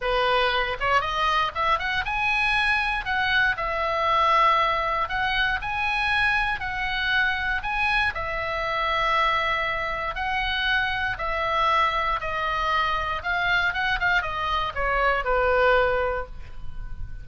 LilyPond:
\new Staff \with { instrumentName = "oboe" } { \time 4/4 \tempo 4 = 118 b'4. cis''8 dis''4 e''8 fis''8 | gis''2 fis''4 e''4~ | e''2 fis''4 gis''4~ | gis''4 fis''2 gis''4 |
e''1 | fis''2 e''2 | dis''2 f''4 fis''8 f''8 | dis''4 cis''4 b'2 | }